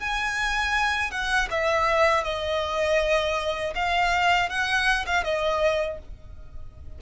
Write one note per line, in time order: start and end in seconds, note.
0.00 1.11 G#5
1.11 1.49 F#5
1.51 2.24 E5
2.24 3.74 D#5
3.75 4.50 F5
4.50 5.06 F#5
5.07 5.24 F5
5.24 5.99 D#5